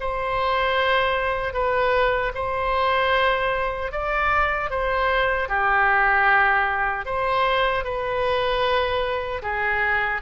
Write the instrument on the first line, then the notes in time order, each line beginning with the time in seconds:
oboe
0.00 C5
1.53 B4
2.35 C5
3.92 D5
4.70 C5
5.49 G4
7.05 C5
7.84 B4
9.42 G#4